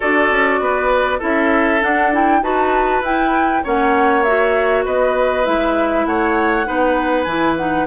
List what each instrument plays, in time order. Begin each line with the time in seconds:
0.00 bassoon D4, clarinet F#4, oboe A4, flute D5
0.31 bassoon C#4
0.59 bassoon B3, oboe B4
1.18 bassoon C#4, clarinet E4, oboe A4, flute E5
1.80 clarinet D4, bassoon D4, flute F#5
2.12 clarinet E4, flute G5
2.41 bassoon D#4, clarinet F#4, oboe B4, flute A5
3.01 bassoon E4, clarinet E4, flute G5
3.63 bassoon A#3, clarinet C#4, oboe C#5, flute F#5
4.23 clarinet F#4, flute E5
4.84 bassoon B3, oboe B4, flute D#5
5.44 bassoon G#3, clarinet E4, flute E5
6.05 bassoon A3, oboe C#5, flute F#5
6.65 bassoon B3, clarinet D#4, oboe B4
7.23 bassoon E3, clarinet E4, flute G#5
7.56 clarinet D#4, flute F#5